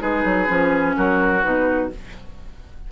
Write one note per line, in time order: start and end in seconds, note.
0.00 0.25 G#3
0.00 0.47 D#4
0.00 0.96 G#4
0.00 0.96 B4
0.25 0.48 F#3
0.47 0.96 F3
0.47 1.41 C#4
0.96 1.44 F#3
0.96 1.92 F#4
0.96 1.43 A#4
1.43 1.92 B2
1.43 1.90 D#4
1.43 1.91 B4